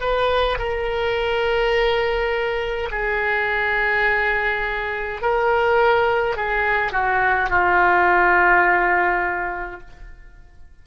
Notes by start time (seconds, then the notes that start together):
0.00 B4
0.58 A#4
2.91 G#4
5.21 A#4
6.36 G#4
6.92 F#4
7.49 F4